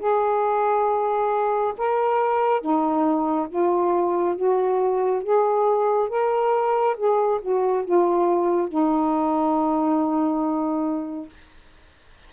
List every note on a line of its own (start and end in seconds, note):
0.00 1.74 G#4
1.78 2.61 A#4
2.61 3.48 D#4
3.49 4.36 F4
4.36 5.23 F#4
5.24 6.09 G#4
6.09 6.96 A#4
6.97 7.41 G#4
7.42 7.85 F#4
7.85 8.69 F4
8.69 11.30 D#4